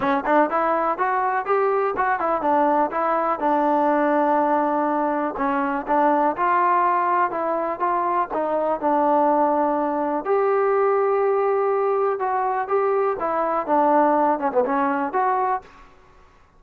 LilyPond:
\new Staff \with { instrumentName = "trombone" } { \time 4/4 \tempo 4 = 123 cis'8 d'8 e'4 fis'4 g'4 | fis'8 e'8 d'4 e'4 d'4~ | d'2. cis'4 | d'4 f'2 e'4 |
f'4 dis'4 d'2~ | d'4 g'2.~ | g'4 fis'4 g'4 e'4 | d'4. cis'16 b16 cis'4 fis'4 | }